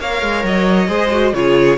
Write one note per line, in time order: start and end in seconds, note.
0.00 0.22 A#3
0.00 0.88 A#4
0.00 0.89 C#5
0.00 0.46 F5
0.22 0.44 G#3
0.44 0.89 F#3
0.44 1.34 D#5
0.88 1.33 G#3
0.88 1.10 G#4
0.88 1.34 C5
1.11 1.34 F#4
1.33 1.78 C#3
1.33 1.78 F4
1.33 1.78 G#4
1.33 1.78 C#5